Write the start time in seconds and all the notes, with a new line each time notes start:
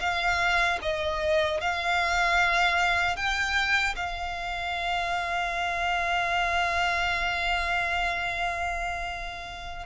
0.00 F5
0.82 D#5
1.61 F5
3.16 G5
3.96 F5